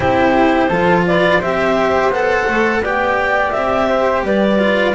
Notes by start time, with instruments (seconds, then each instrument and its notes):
0.00 double bass C4, cello E4, flute G4, clarinet C5
0.68 double bass F3, cello F4, flute A4
1.06 flute B4, clarinet D5
1.39 double bass C4, cello G4, flute C5, clarinet E5
2.08 double bass B3, cello A4, clarinet F#5
2.47 double bass A3
2.80 double bass B3, cello G4, flute D5, clarinet G5
3.51 double bass C4, clarinet E5
3.88 flute C5
4.22 double bass G3, flute B4, clarinet D5
4.58 cello F4